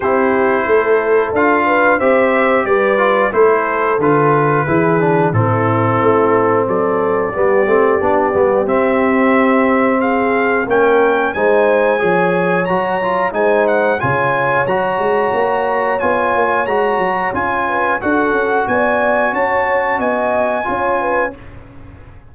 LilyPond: <<
  \new Staff \with { instrumentName = "trumpet" } { \time 4/4 \tempo 4 = 90 c''2 f''4 e''4 | d''4 c''4 b'2 | a'2 d''2~ | d''4 e''2 f''4 |
g''4 gis''2 ais''4 | gis''8 fis''8 gis''4 ais''2 | gis''4 ais''4 gis''4 fis''4 | gis''4 a''4 gis''2 | }
  \new Staff \with { instrumentName = "horn" } { \time 4/4 g'4 a'4. b'8 c''4 | b'4 a'2 gis'4 | e'2 a'4 g'4~ | g'2. gis'4 |
ais'4 c''4 cis''2 | c''4 cis''2.~ | cis''2~ cis''8 b'8 a'4 | d''4 cis''4 dis''4 cis''8 b'8 | }
  \new Staff \with { instrumentName = "trombone" } { \time 4/4 e'2 f'4 g'4~ | g'8 f'8 e'4 f'4 e'8 d'8 | c'2. b8 c'8 | d'8 b8 c'2. |
cis'4 dis'4 gis'4 fis'8 f'8 | dis'4 f'4 fis'2 | f'4 fis'4 f'4 fis'4~ | fis'2. f'4 | }
  \new Staff \with { instrumentName = "tuba" } { \time 4/4 c'4 a4 d'4 c'4 | g4 a4 d4 e4 | a,4 a4 fis4 g8 a8 | b8 g8 c'2. |
ais4 gis4 f4 fis4 | gis4 cis4 fis8 gis8 ais4 | b8 ais8 gis8 fis8 cis'4 d'8 cis'8 | b4 cis'4 b4 cis'4 | }
>>